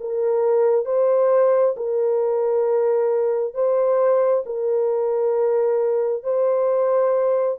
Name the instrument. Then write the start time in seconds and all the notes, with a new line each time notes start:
horn
0.00 A#4
0.85 C5
1.77 A#4
3.54 C5
4.46 A#4
6.23 C5